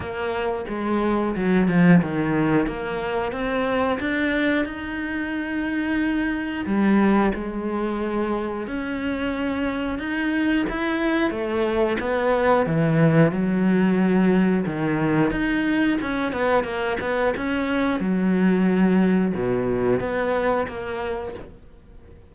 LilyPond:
\new Staff \with { instrumentName = "cello" } { \time 4/4 \tempo 4 = 90 ais4 gis4 fis8 f8 dis4 | ais4 c'4 d'4 dis'4~ | dis'2 g4 gis4~ | gis4 cis'2 dis'4 |
e'4 a4 b4 e4 | fis2 dis4 dis'4 | cis'8 b8 ais8 b8 cis'4 fis4~ | fis4 b,4 b4 ais4 | }